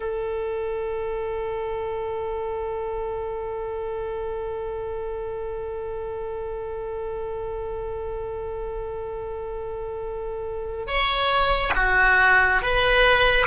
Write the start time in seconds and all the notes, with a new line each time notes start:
0.00 A4
10.87 C#5
11.75 F#4
12.61 B4